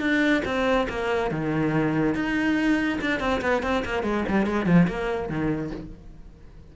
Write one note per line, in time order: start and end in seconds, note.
0.00 0.42 D4
0.45 0.87 C4
0.89 1.31 A#3
1.31 2.14 D#3
2.14 2.99 D#4
3.01 3.20 D4
3.20 3.41 C4
3.41 3.62 B3
3.62 3.84 C4
3.85 4.03 A#3
4.03 4.24 G#3
4.28 4.46 G3
4.46 4.66 G#3
4.66 4.87 F3
4.88 5.29 A#3
5.29 5.71 D#3